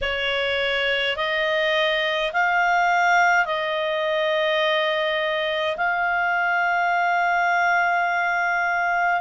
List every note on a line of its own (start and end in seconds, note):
0.01 1.16 C#5
1.16 2.31 D#5
2.32 3.45 F5
3.45 5.76 D#5
5.76 9.20 F5